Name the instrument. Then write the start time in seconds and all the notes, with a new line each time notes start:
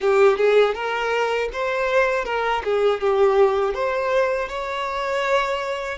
violin
0.00 G4
0.37 G#4
0.74 A#4
1.52 C5
2.25 A#4
2.64 G#4
3.00 G4
3.74 C5
4.48 C#5